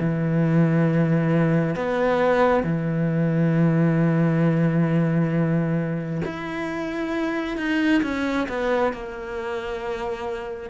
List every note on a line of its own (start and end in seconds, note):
0.00 1.76 E3
1.76 2.64 B3
2.64 6.22 E3
6.25 7.58 E4
7.58 8.02 D#4
8.03 8.47 C#4
8.49 8.93 B3
8.93 10.70 A#3